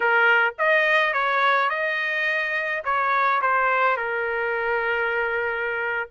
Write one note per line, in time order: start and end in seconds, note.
0.00 0.54 A#4
0.58 1.13 D#5
1.13 1.69 C#5
1.69 2.83 D#5
2.84 3.41 C#5
3.41 3.96 C5
3.96 6.08 A#4